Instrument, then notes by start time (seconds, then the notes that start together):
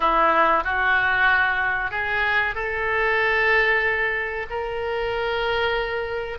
oboe
0.00 E4
0.64 F#4
1.91 G#4
2.54 A4
4.50 A#4